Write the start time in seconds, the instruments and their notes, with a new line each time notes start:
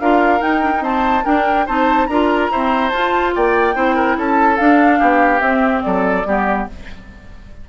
0.00 bassoon D4, clarinet F4, oboe A#4, flute F5
0.41 clarinet D#4, bassoon D#4, flute G5
0.62 clarinet D4
0.76 clarinet D#4
0.82 clarinet C4, oboe C5, flute A5
1.24 clarinet D4, bassoon D4, oboe A#4, flute G5
1.66 bassoon C4, clarinet D#4, oboe C5, flute A5
2.07 bassoon D4, clarinet F4, oboe A#4, flute A#5
2.51 clarinet C4, bassoon E4, oboe C5
2.90 bassoon F4, clarinet F4, flute A5
3.35 bassoon A#3, oboe D5, flute G5
3.75 bassoon C4, clarinet E4, oboe C5
3.96 oboe A#4
4.17 bassoon C#4, oboe A4, flute A5
4.58 clarinet D4, bassoon D4, flute F5
5.00 bassoon B3, oboe G4
5.40 clarinet C4, bassoon C4, flute E5
5.83 bassoon F#3, oboe A4, flute D5
6.25 bassoon G3, clarinet B3, oboe G4